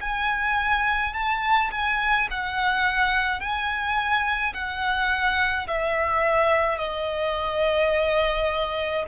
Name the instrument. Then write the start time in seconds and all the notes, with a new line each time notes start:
violin
0.00 G#5
1.13 A5
1.71 G#5
2.31 F#5
3.40 G#5
4.53 F#5
5.67 E5
6.78 D#5